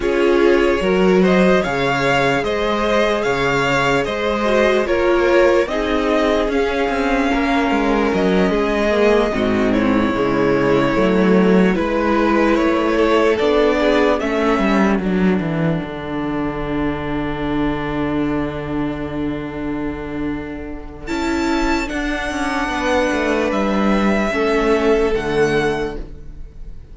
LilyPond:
<<
  \new Staff \with { instrumentName = "violin" } { \time 4/4 \tempo 4 = 74 cis''4. dis''8 f''4 dis''4 | f''4 dis''4 cis''4 dis''4 | f''2 dis''2 | cis''2~ cis''8 b'4 cis''8~ |
cis''8 d''4 e''4 fis''4.~ | fis''1~ | fis''2 a''4 fis''4~ | fis''4 e''2 fis''4 | }
  \new Staff \with { instrumentName = "violin" } { \time 4/4 gis'4 ais'8 c''8 cis''4 c''4 | cis''4 c''4 ais'4 gis'4~ | gis'4 ais'4. gis'4 fis'8 | e'2~ e'8 b'4. |
a'4 gis'8 a'2~ a'8~ | a'1~ | a'1 | b'2 a'2 | }
  \new Staff \with { instrumentName = "viola" } { \time 4/4 f'4 fis'4 gis'2~ | gis'4. fis'8 f'4 dis'4 | cis'2. ais8 c'8~ | c'8 gis4 a4 e'4.~ |
e'8 d'4 cis'4 d'4.~ | d'1~ | d'2 e'4 d'4~ | d'2 cis'4 a4 | }
  \new Staff \with { instrumentName = "cello" } { \time 4/4 cis'4 fis4 cis4 gis4 | cis4 gis4 ais4 c'4 | cis'8 c'8 ais8 gis8 fis8 gis4 gis,8~ | gis,8 cis4 fis4 gis4 a8~ |
a8 b4 a8 g8 fis8 e8 d8~ | d1~ | d2 cis'4 d'8 cis'8 | b8 a8 g4 a4 d4 | }
>>